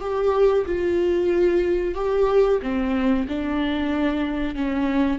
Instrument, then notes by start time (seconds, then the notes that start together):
viola
0.00 G4
0.66 F4
1.94 G4
2.62 C4
3.28 D4
4.55 C#4